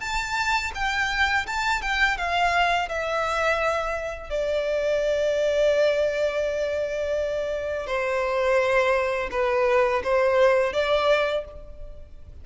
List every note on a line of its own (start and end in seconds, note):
0.00 0.71 A5
0.74 1.46 G5
1.46 1.81 A5
1.81 2.17 G5
2.17 2.88 F5
2.88 4.30 E5
4.30 7.86 D5
7.86 9.29 C5
9.31 10.02 B4
10.03 10.73 C5
10.73 11.44 D5